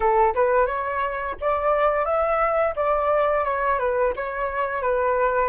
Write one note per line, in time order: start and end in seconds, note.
0.00 0.34 A4
0.34 0.66 B4
0.66 1.35 C#5
1.40 2.05 D5
2.05 2.74 E5
2.76 3.44 D5
3.44 3.78 C#5
3.78 4.13 B4
4.15 4.82 C#5
4.82 5.49 B4